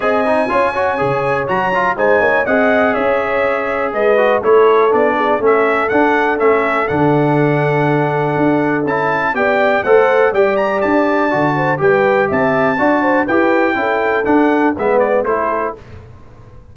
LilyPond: <<
  \new Staff \with { instrumentName = "trumpet" } { \time 4/4 \tempo 4 = 122 gis''2. ais''4 | gis''4 fis''4 e''2 | dis''4 cis''4 d''4 e''4 | fis''4 e''4 fis''2~ |
fis''2 a''4 g''4 | fis''4 g''8 ais''8 a''2 | g''4 a''2 g''4~ | g''4 fis''4 e''8 d''8 c''4 | }
  \new Staff \with { instrumentName = "horn" } { \time 4/4 dis''4 cis''2. | c''8 cis''8 dis''4 cis''2 | b'4 a'4. gis'8 a'4~ | a'1~ |
a'2. d''4 | c''4 d''2~ d''8 c''8 | b'4 e''4 d''8 c''8 b'4 | a'2 b'4 a'4 | }
  \new Staff \with { instrumentName = "trombone" } { \time 4/4 gis'8 dis'8 f'8 fis'8 gis'4 fis'8 f'8 | dis'4 gis'2.~ | gis'8 fis'8 e'4 d'4 cis'4 | d'4 cis'4 d'2~ |
d'2 e'4 g'4 | a'4 g'2 fis'4 | g'2 fis'4 g'4 | e'4 d'4 b4 e'4 | }
  \new Staff \with { instrumentName = "tuba" } { \time 4/4 c'4 cis'4 cis4 fis4 | gis8 ais8 c'4 cis'2 | gis4 a4 b4 a4 | d'4 a4 d2~ |
d4 d'4 cis'4 b4 | a4 g4 d'4 d4 | g4 c'4 d'4 e'4 | cis'4 d'4 gis4 a4 | }
>>